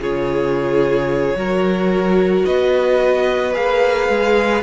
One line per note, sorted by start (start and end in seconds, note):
0.00 1.35 C#3
0.00 1.36 F4
0.00 1.37 G#4
0.00 2.45 C#5
1.35 2.44 F#3
1.35 3.53 F#4
1.35 2.46 A#4
2.45 3.55 B3
2.45 4.63 B4
2.45 3.54 D#5
3.53 4.09 A#3
3.53 4.62 G#4
3.53 4.63 F5
4.09 4.63 G#3